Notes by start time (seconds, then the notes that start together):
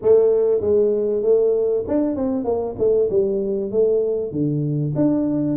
0.02 A3
0.60 G#3
1.22 A3
1.87 D4
2.16 C4
2.44 A#3
2.78 A3
3.10 G3
3.71 A3
4.31 D3
4.95 D4